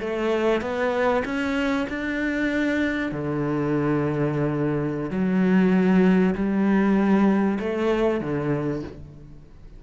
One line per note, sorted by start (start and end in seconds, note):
0.00 0.61 A3
0.61 1.23 B3
1.25 1.87 C#4
1.89 3.12 D4
3.12 5.11 D3
5.11 6.34 F#3
6.35 7.59 G3
7.60 8.21 A3
8.21 8.83 D3